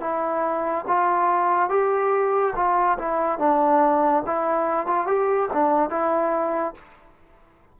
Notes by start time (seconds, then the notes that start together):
0.00 E4
0.87 F4
1.69 G4
2.55 F4
2.98 E4
3.38 D4
4.26 E4
4.86 F4
5.06 G4
5.53 D4
5.89 E4